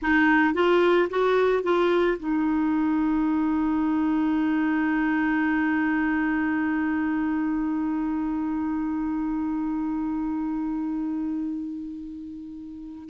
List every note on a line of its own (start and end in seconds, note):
0.02 0.54 D#4
0.54 1.08 F4
1.10 1.63 F#4
1.63 2.17 F4
2.19 13.09 D#4